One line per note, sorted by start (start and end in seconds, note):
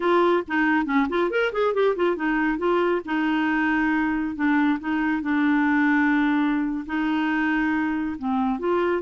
0.00 0.43 F4
0.47 0.85 D#4
0.85 1.07 C#4
1.09 1.30 F4
1.30 1.52 A#4
1.52 1.74 G#4
1.74 1.95 G4
1.96 2.16 F4
2.16 2.58 D#4
2.58 3.01 F4
3.05 4.35 D#4
4.35 4.78 D4
4.79 5.22 D#4
5.22 6.85 D4
6.85 8.16 D#4
8.18 8.59 C4
8.59 9.02 F4